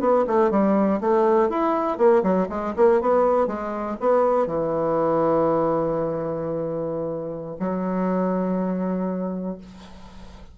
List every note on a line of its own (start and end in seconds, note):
0.00 0.25 B3
0.27 0.50 A3
0.50 1.00 G3
1.00 1.49 A3
1.49 1.97 E4
1.97 2.22 A#3
2.23 2.47 F#3
2.49 2.74 G#3
2.76 3.01 A#3
3.01 3.47 B3
3.47 3.96 G#3
4.00 4.47 B3
4.47 7.56 E3
7.59 9.57 F#3